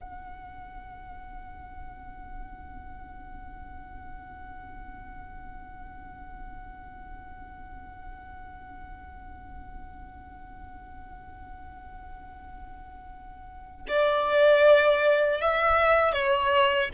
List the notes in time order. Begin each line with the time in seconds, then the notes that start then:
0.01 F#5
13.88 D5
15.41 E5
16.12 C#5